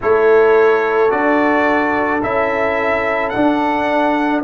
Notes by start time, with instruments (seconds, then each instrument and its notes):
0.01 tuba A3, trombone E4, horn A4, trumpet C#5
1.09 tuba D4, trombone F#4, trumpet D5
2.22 tuba C#4, trombone E4, trumpet E5
3.29 trombone D4, trumpet F#5
3.36 tuba D4